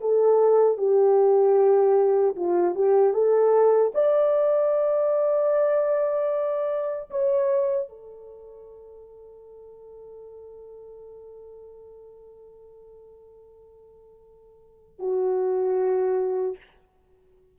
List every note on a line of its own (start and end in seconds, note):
0.00 0.78 A4
0.78 2.35 G4
2.36 2.75 F4
2.75 3.13 G4
3.13 3.92 A4
3.94 7.10 D5
7.10 7.89 C#5
7.89 14.99 A4
14.99 16.57 F#4